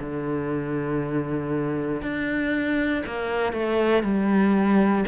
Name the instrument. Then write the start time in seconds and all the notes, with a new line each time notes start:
cello
0.00 D3
2.02 D4
3.06 A#3
3.53 A3
4.04 G3